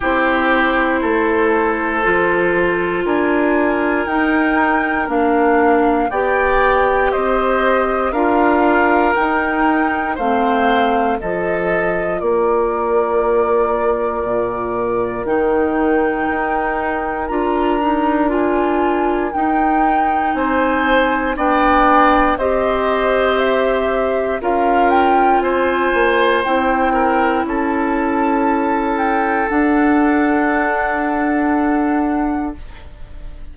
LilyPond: <<
  \new Staff \with { instrumentName = "flute" } { \time 4/4 \tempo 4 = 59 c''2. gis''4 | g''4 f''4 g''4 dis''4 | f''4 g''4 f''4 dis''4 | d''2. g''4~ |
g''4 ais''4 gis''4 g''4 | gis''4 g''4 dis''4 e''4 | f''8 g''8 gis''4 g''4 a''4~ | a''8 g''8 fis''2. | }
  \new Staff \with { instrumentName = "oboe" } { \time 4/4 g'4 a'2 ais'4~ | ais'2 d''4 c''4 | ais'2 c''4 a'4 | ais'1~ |
ais'1 | c''4 d''4 c''2 | ais'4 c''4. ais'8 a'4~ | a'1 | }
  \new Staff \with { instrumentName = "clarinet" } { \time 4/4 e'2 f'2 | dis'4 d'4 g'2 | f'4 dis'4 c'4 f'4~ | f'2. dis'4~ |
dis'4 f'8 dis'8 f'4 dis'4~ | dis'4 d'4 g'2 | f'2 e'2~ | e'4 d'2. | }
  \new Staff \with { instrumentName = "bassoon" } { \time 4/4 c'4 a4 f4 d'4 | dis'4 ais4 b4 c'4 | d'4 dis'4 a4 f4 | ais2 ais,4 dis4 |
dis'4 d'2 dis'4 | c'4 b4 c'2 | cis'4 c'8 ais8 c'4 cis'4~ | cis'4 d'2. | }
>>